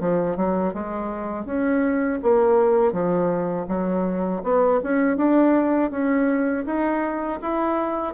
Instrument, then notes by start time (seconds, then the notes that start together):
bassoon
0.00 F3
0.36 F#3
0.74 G#3
1.45 C#4
2.22 A#3
2.92 F3
3.68 F#3
4.43 B3
4.83 C#4
5.17 D4
5.91 C#4
6.65 D#4
7.42 E4